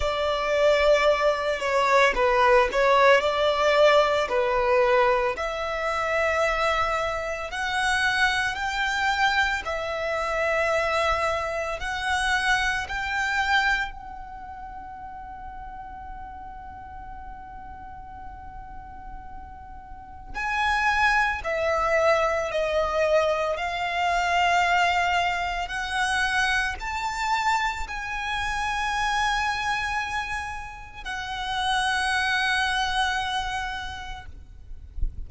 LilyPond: \new Staff \with { instrumentName = "violin" } { \time 4/4 \tempo 4 = 56 d''4. cis''8 b'8 cis''8 d''4 | b'4 e''2 fis''4 | g''4 e''2 fis''4 | g''4 fis''2.~ |
fis''2. gis''4 | e''4 dis''4 f''2 | fis''4 a''4 gis''2~ | gis''4 fis''2. | }